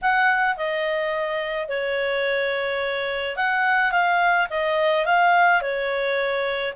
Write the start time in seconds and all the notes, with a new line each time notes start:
0.01 F#5
0.57 D#5
1.68 C#5
3.36 F#5
3.91 F5
4.50 D#5
5.05 F5
5.61 C#5